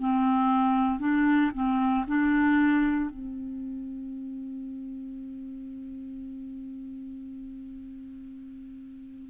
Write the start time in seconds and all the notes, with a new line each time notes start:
0.00 C4
1.00 D4
1.54 C4
2.08 D4
3.11 C4